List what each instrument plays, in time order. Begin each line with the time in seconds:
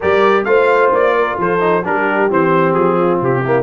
0.00 tuba G3, trombone G4, horn A#4, trumpet D5
0.44 tuba A3, trombone F4, horn C5, trumpet F5
0.91 tuba A#3, trumpet D5
1.15 horn A#4
1.38 tuba F3, horn A4, trumpet C5
1.60 trombone D#4
1.84 tuba G3, trombone D4, horn G4, trumpet A#4
2.30 tuba E3, trombone C4, trumpet C5
2.73 tuba F3, trumpet G#4
2.96 horn F4
3.21 tuba C3, trumpet G4
3.43 trombone A#3, horn E4